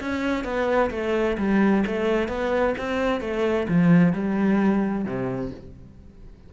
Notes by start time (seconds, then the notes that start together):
0.00 C#4
0.44 B3
0.91 A3
1.38 G3
1.87 A3
2.28 B3
2.78 C4
3.21 A3
3.68 F3
4.13 G3
5.05 C3